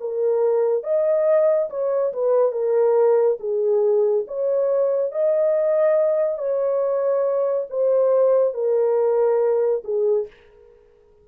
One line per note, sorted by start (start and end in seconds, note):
0.00 0.83 A#4
0.83 1.69 D#5
1.70 2.13 C#5
2.13 2.52 B4
2.52 3.38 A#4
3.40 4.25 G#4
4.27 5.12 C#5
5.12 6.38 D#5
6.38 7.67 C#5
7.70 8.54 C5
8.54 9.83 A#4
9.84 10.27 G#4